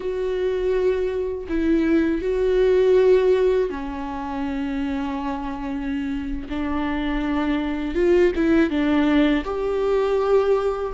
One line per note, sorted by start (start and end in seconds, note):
0.00 1.47 F#4
1.48 2.21 E4
2.21 3.69 F#4
3.70 6.47 C#4
6.49 7.95 D4
7.95 8.32 F4
8.35 8.69 E4
8.69 9.43 D4
9.44 10.92 G4